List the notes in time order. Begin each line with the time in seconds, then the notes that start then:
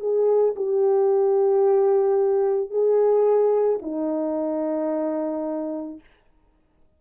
0.00 G#4
0.56 G4
2.70 G#4
3.82 D#4